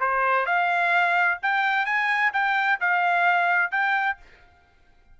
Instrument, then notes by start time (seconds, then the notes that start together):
trumpet
0.00 C5
0.46 F5
1.42 G5
1.85 G#5
2.33 G5
2.80 F5
3.71 G5